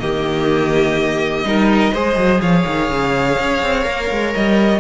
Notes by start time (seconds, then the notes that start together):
0.00 D#3 A#3 G4 D#5
1.44 G3 D#4 A#4
1.94 G#3 G#4 C5
2.16 F#3
2.41 F3 C#5 F5
2.67 D#3
2.90 C#3
3.39 C#4
3.62 C4
3.84 A#3 A#4
4.11 G#3
4.34 G3 D#5